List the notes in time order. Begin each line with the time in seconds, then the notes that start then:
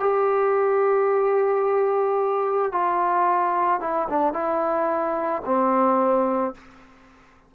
0.00 G4
2.72 F4
3.81 E4
4.10 D4
4.33 E4
5.45 C4